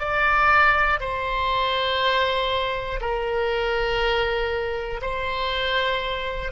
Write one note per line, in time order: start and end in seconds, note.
0.00 1.00 D5
1.00 3.00 C5
3.01 5.01 A#4
5.02 6.52 C5